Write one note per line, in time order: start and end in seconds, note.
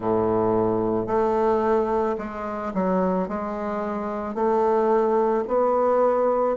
0.00 1.07 A2
1.07 2.16 A3
2.18 2.72 G#3
2.74 3.28 F#3
3.28 4.34 G#3
4.34 5.43 A3
5.47 6.56 B3